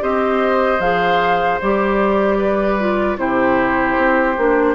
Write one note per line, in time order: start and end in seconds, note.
0.00 0.79 C4
0.00 0.79 G4
0.00 2.38 C5
0.00 0.81 D#5
0.79 1.58 F3
0.79 1.60 G#4
0.79 1.60 F5
1.61 3.17 G3
1.61 2.80 G4
1.61 3.18 D5
2.38 3.17 B4
2.80 3.17 F4
3.17 3.96 C3
3.17 4.36 E4
3.17 4.75 G4
3.17 4.75 C5
3.97 4.37 C4
4.37 4.75 A#3
4.37 4.75 D4